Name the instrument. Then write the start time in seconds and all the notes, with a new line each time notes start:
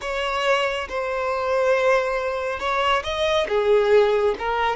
violin
0.01 C#5
0.88 C5
2.59 C#5
3.03 D#5
3.48 G#4
4.38 A#4